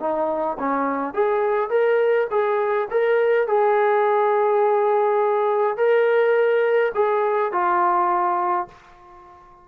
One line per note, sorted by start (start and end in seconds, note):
0.00 0.58 D#4
0.60 1.14 C#4
1.14 1.70 G#4
1.70 2.28 A#4
2.31 2.88 G#4
2.91 3.48 A#4
3.48 5.77 G#4
5.77 6.93 A#4
6.95 7.53 G#4
7.53 8.68 F4